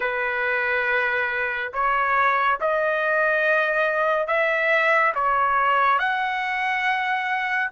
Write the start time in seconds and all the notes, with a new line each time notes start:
0.00 B4
1.73 C#5
2.60 D#5
4.27 E5
5.14 C#5
5.98 F#5